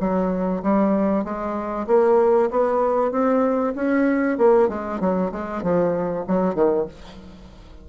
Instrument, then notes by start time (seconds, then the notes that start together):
bassoon
0.00 F#3
0.63 G3
1.24 G#3
1.88 A#3
2.51 B3
3.12 C4
3.76 C#4
4.38 A#3
4.69 G#3
5.01 F#3
5.32 G#3
5.63 F3
6.28 F#3
6.55 D#3